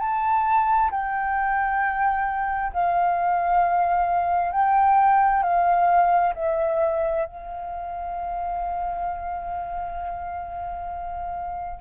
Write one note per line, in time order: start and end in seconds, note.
0.00 0.91 A5
0.91 2.73 G5
2.73 4.52 F5
4.52 5.43 G5
5.43 6.34 F5
6.35 7.26 E5
7.26 11.81 F5